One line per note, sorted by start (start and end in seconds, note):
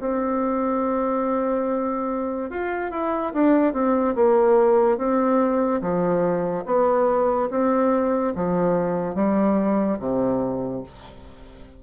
0.00 2.50 C4
2.50 2.91 F4
2.91 3.33 E4
3.33 3.73 D4
3.73 4.15 C4
4.15 4.97 A#3
4.97 5.81 C4
5.81 6.64 F3
6.66 7.49 B3
7.50 8.34 C4
8.35 9.15 F3
9.15 9.98 G3
9.99 10.83 C3